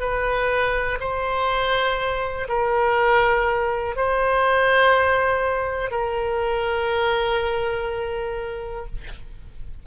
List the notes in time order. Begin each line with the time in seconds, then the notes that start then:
0.00 B4
1.00 C5
2.49 A#4
3.96 C5
5.91 A#4